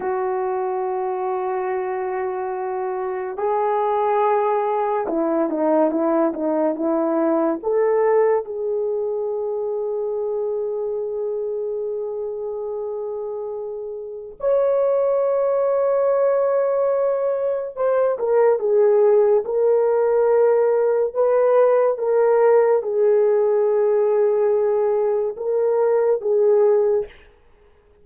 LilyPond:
\new Staff \with { instrumentName = "horn" } { \time 4/4 \tempo 4 = 71 fis'1 | gis'2 e'8 dis'8 e'8 dis'8 | e'4 a'4 gis'2~ | gis'1~ |
gis'4 cis''2.~ | cis''4 c''8 ais'8 gis'4 ais'4~ | ais'4 b'4 ais'4 gis'4~ | gis'2 ais'4 gis'4 | }